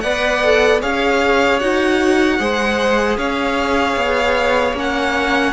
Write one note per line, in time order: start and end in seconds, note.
0.00 0.82 B3
0.00 0.43 B4
0.00 0.81 D5
0.00 0.79 F#5
0.43 0.81 A4
0.81 1.61 C#4
0.81 1.60 G#4
0.81 2.38 C#5
0.81 1.59 F5
1.59 2.39 D#4
1.59 2.39 F#4
1.59 3.17 F#5
2.39 3.17 G#3
2.39 4.75 G#4
2.39 3.18 C5
3.17 3.96 C#4
3.17 5.53 C#5
3.17 4.76 F5
3.96 4.73 B3
4.73 5.51 A#3
4.73 5.53 C#4
4.79 5.53 F#5